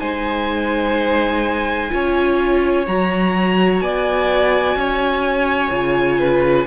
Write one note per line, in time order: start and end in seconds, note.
0.00 1.92 G#3
0.00 1.90 D#4
0.00 1.91 C5
0.00 2.86 G#5
1.90 2.87 C#4
1.90 2.85 F4
1.90 3.83 C#5
2.87 3.81 F#3
2.87 5.71 F#4
2.87 3.81 A#5
3.81 4.76 B3
3.81 4.78 D5
3.81 6.67 G#5
4.76 5.71 C#4
4.76 6.19 C#5
5.71 6.66 C#3
5.71 6.66 F4
6.19 6.67 B4